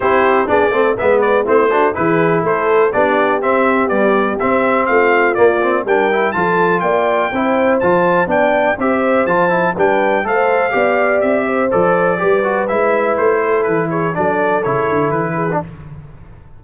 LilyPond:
<<
  \new Staff \with { instrumentName = "trumpet" } { \time 4/4 \tempo 4 = 123 c''4 d''4 e''8 d''8 c''4 | b'4 c''4 d''4 e''4 | d''4 e''4 f''4 d''4 | g''4 a''4 g''2 |
a''4 g''4 e''4 a''4 | g''4 f''2 e''4 | d''2 e''4 c''4 | b'8 cis''8 d''4 cis''4 b'4 | }
  \new Staff \with { instrumentName = "horn" } { \time 4/4 g'4 gis'8 a'8 b'4 e'8 fis'8 | gis'4 a'4 g'2~ | g'2 f'2 | ais'4 a'4 d''4 c''4~ |
c''4 d''4 c''2 | b'4 c''4 d''4. c''8~ | c''4 b'2~ b'8 a'8~ | a'8 gis'8 a'2~ a'8 gis'8 | }
  \new Staff \with { instrumentName = "trombone" } { \time 4/4 e'4 d'8 c'8 b4 c'8 d'8 | e'2 d'4 c'4 | g4 c'2 ais8 c'8 | d'8 e'8 f'2 e'4 |
f'4 d'4 g'4 f'8 e'8 | d'4 a'4 g'2 | a'4 g'8 fis'8 e'2~ | e'4 d'4 e'4.~ e'16 d'16 | }
  \new Staff \with { instrumentName = "tuba" } { \time 4/4 c'4 b8 a8 gis4 a4 | e4 a4 b4 c'4 | b4 c'4 a4 ais4 | g4 f4 ais4 c'4 |
f4 b4 c'4 f4 | g4 a4 b4 c'4 | f4 g4 gis4 a4 | e4 fis4 cis8 d8 e4 | }
>>